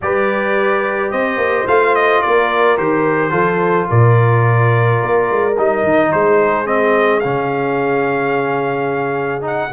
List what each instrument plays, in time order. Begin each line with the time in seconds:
0.01 tuba G3, trombone G4, horn B4, trumpet D5
1.11 tuba C4, horn C5, trumpet D#5
1.37 tuba A#3
1.67 tuba A3, trombone F4, trumpet F5
1.95 trumpet D#5
2.21 tuba A#3, horn A#4, trumpet D5
2.77 tuba D#3, trombone G4, trumpet C5
3.30 tuba F3, trombone F4, horn A4
3.88 tuba A#2, horn A#4, trumpet D5
5.02 tuba A#3
5.30 tuba G#3
5.57 tuba G3, trombone D#4, trumpet D#5
5.83 tuba D#3
6.11 tuba G#3, horn G#4, trumpet C5
6.65 trombone C4, trumpet D#5
7.20 tuba C#3, trombone C#4, trumpet F5
9.41 trombone D#4, trumpet F#5